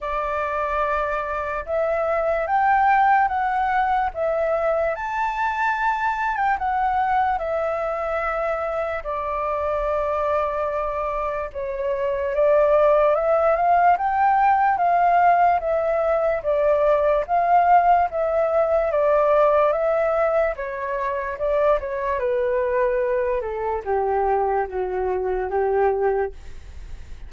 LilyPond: \new Staff \with { instrumentName = "flute" } { \time 4/4 \tempo 4 = 73 d''2 e''4 g''4 | fis''4 e''4 a''4.~ a''16 g''16 | fis''4 e''2 d''4~ | d''2 cis''4 d''4 |
e''8 f''8 g''4 f''4 e''4 | d''4 f''4 e''4 d''4 | e''4 cis''4 d''8 cis''8 b'4~ | b'8 a'8 g'4 fis'4 g'4 | }